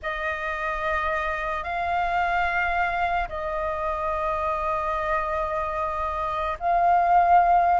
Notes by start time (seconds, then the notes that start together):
0.02 D#5
1.63 F5
3.29 D#5
6.59 F5